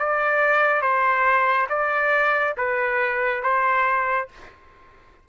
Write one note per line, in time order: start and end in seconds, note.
0.00 0.82 D5
0.82 1.68 C5
1.70 2.56 D5
2.58 3.43 B4
3.43 4.29 C5